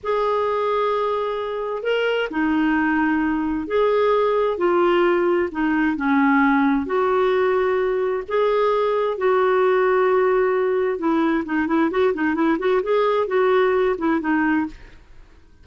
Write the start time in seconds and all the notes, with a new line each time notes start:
0.03 G#4
1.82 A#4
2.30 D#4
3.67 G#4
4.57 F4
5.51 D#4
5.96 C#4
6.86 F#4
8.28 G#4
9.17 F#4
10.98 E4
11.45 D#4
11.67 E4
11.90 F#4
12.14 D#4
12.34 E4
12.58 F#4
12.82 G#4
13.27 F#4
13.98 E4
14.20 D#4